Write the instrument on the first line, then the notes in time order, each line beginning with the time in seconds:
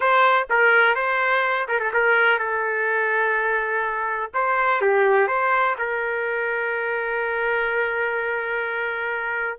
trumpet
0.00 C5
0.49 A#4
0.95 C5
1.68 A#4
1.79 A4
1.93 A#4
2.39 A4
4.34 C5
4.81 G4
5.27 C5
5.78 A#4